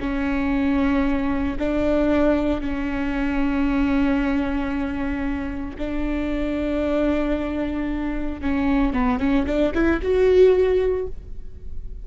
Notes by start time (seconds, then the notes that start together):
0.00 C#4
1.59 D4
2.61 C#4
5.78 D4
8.41 C#4
8.93 B3
9.20 C#4
9.46 D4
9.74 E4
10.02 F#4